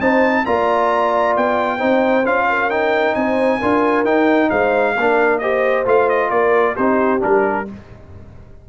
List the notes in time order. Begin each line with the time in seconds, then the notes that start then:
0.00 C4 D#4 C5 A5
0.46 A#3 F4 D5 A#5
1.37 B3 G5
1.78 C4 D#4 C5
2.25 C#4 F4 F5
2.49 A#4
2.71 D#4 G5
3.15 C4 C5 G#5
3.59 D4 F4 A#4
4.05 D#4 G5
4.50 G#3 C5 F5
4.97 A#3 D4 A#4
5.39 G4 C5 D#5
5.86 A3 F4 F5
6.09 D#5
6.31 A#3 A#4 D5
6.76 C4 D#4 G4 C5
7.20 G3 D4 A#4